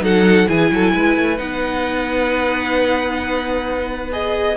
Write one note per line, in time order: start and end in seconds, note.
0.00 0.46 F#3
0.00 0.45 D#4
0.00 0.48 A4
0.00 0.49 F#5
0.46 0.70 E3
0.46 1.37 E4
0.46 0.71 G#4
0.46 1.37 G#5
0.70 0.93 F#3
0.70 0.92 A4
0.92 1.17 G#3
0.92 4.56 B4
1.17 1.39 A3
1.37 4.56 B3
1.37 4.10 D#4
1.37 4.10 F#5
4.12 4.56 G#4
4.12 4.56 D#5